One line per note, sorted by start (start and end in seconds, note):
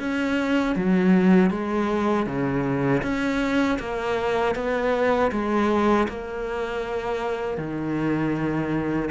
0.00 0.76 C#4
0.76 1.51 F#3
1.51 2.26 G#3
2.26 3.02 C#3
3.03 3.79 C#4
3.80 4.55 A#3
4.55 5.31 B3
5.32 6.08 G#3
6.09 7.58 A#3
7.58 9.10 D#3